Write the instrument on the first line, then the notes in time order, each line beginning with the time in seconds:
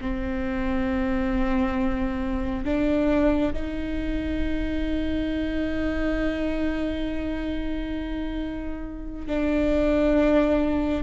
viola
0.00 C4
2.64 D4
3.53 D#4
9.27 D4